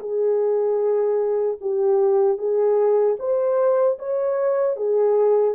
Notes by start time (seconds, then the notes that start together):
0.00 G#4
1.61 G4
2.38 G#4
3.20 C5
3.99 C#5
4.77 G#4